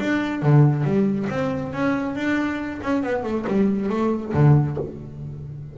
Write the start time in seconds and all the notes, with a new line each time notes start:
0.00 D4
0.42 D3
0.84 G3
1.30 C4
1.73 C#4
2.16 D4
2.82 C#4
3.03 B3
3.24 A3
3.47 G3
3.90 A3
4.34 D3